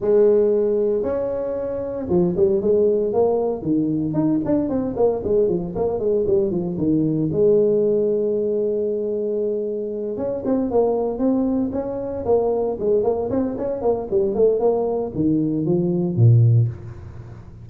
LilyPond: \new Staff \with { instrumentName = "tuba" } { \time 4/4 \tempo 4 = 115 gis2 cis'2 | f8 g8 gis4 ais4 dis4 | dis'8 d'8 c'8 ais8 gis8 f8 ais8 gis8 | g8 f8 dis4 gis2~ |
gis2.~ gis8 cis'8 | c'8 ais4 c'4 cis'4 ais8~ | ais8 gis8 ais8 c'8 cis'8 ais8 g8 a8 | ais4 dis4 f4 ais,4 | }